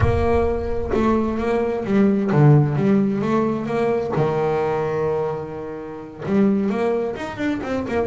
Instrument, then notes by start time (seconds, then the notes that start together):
double bass
0.00 A#3
0.94 A3
1.38 A#3
1.84 G3
2.32 D3
2.76 G3
3.21 A3
3.65 A#3
4.15 D#3
6.25 G3
6.69 A#3
7.16 D#4
7.37 D4
7.63 C4
7.88 A#3